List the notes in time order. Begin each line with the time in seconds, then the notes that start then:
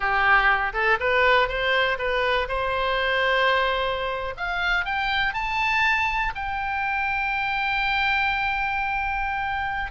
0.00 G4
0.73 A4
1.00 B4
1.48 C5
1.98 B4
2.48 C5
4.37 F5
4.85 G5
5.33 A5
6.35 G5